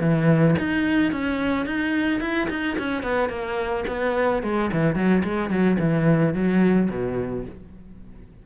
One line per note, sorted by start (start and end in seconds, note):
0.00 0.55 E3
0.59 1.12 D#4
1.12 1.66 C#4
1.66 2.20 D#4
2.20 2.48 E4
2.50 2.77 D#4
2.78 3.03 C#4
3.03 3.29 B3
3.29 3.84 A#3
3.88 4.43 B3
4.43 4.70 G#3
4.73 4.95 E3
4.95 5.23 F#3
5.24 5.50 G#3
5.50 5.77 F#3
5.79 6.34 E3
6.34 6.89 F#3
6.90 7.45 B2